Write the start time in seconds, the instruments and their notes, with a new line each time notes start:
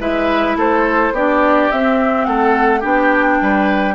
0.00 bassoon G#3, clarinet E4, oboe B4, flute E5
0.56 bassoon A3, oboe A4, flute C5
1.12 bassoon B3, clarinet D4, oboe G4, flute D5
1.72 bassoon C4, clarinet C4, flute E5
2.25 bassoon A3, oboe A4, flute F#5
2.80 bassoon B3, clarinet D4, oboe G4, flute G5
3.42 bassoon G3, oboe B4